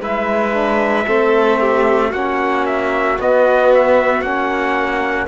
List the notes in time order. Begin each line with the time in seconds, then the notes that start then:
0.00 G#3 E4 B4 E5
0.53 D4
1.07 A3 C4 A4
1.59 G4
2.09 A#3 C#4 F#4 F#5
2.65 E5
3.18 B3 D#5
3.74 E5
4.21 A#3 C#4 F#5